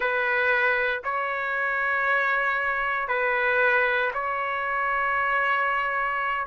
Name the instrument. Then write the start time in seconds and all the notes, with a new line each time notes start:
trumpet
0.00 B4
1.03 C#5
3.08 B4
4.13 C#5